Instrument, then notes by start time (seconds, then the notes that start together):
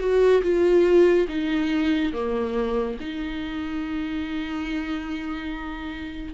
viola
0.00 F#4
0.43 F4
1.28 D#4
2.13 A#3
3.00 D#4